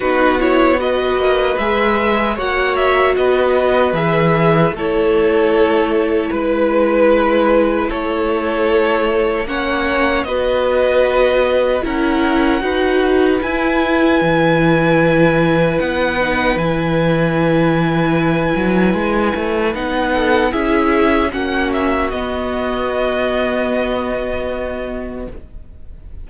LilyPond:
<<
  \new Staff \with { instrumentName = "violin" } { \time 4/4 \tempo 4 = 76 b'8 cis''8 dis''4 e''4 fis''8 e''8 | dis''4 e''4 cis''2 | b'2 cis''2 | fis''4 dis''2 fis''4~ |
fis''4 gis''2. | fis''4 gis''2.~ | gis''4 fis''4 e''4 fis''8 e''8 | dis''1 | }
  \new Staff \with { instrumentName = "violin" } { \time 4/4 fis'4 b'2 cis''4 | b'2 a'2 | b'2 a'2 | cis''4 b'2 ais'4 |
b'1~ | b'1~ | b'4. a'8 gis'4 fis'4~ | fis'1 | }
  \new Staff \with { instrumentName = "viola" } { \time 4/4 dis'8 e'8 fis'4 gis'4 fis'4~ | fis'4 gis'4 e'2~ | e'1 | cis'4 fis'2 e'4 |
fis'4 e'2.~ | e'8 dis'8 e'2.~ | e'4 dis'4 e'4 cis'4 | b1 | }
  \new Staff \with { instrumentName = "cello" } { \time 4/4 b4. ais8 gis4 ais4 | b4 e4 a2 | gis2 a2 | ais4 b2 cis'4 |
dis'4 e'4 e2 | b4 e2~ e8 fis8 | gis8 a8 b4 cis'4 ais4 | b1 | }
>>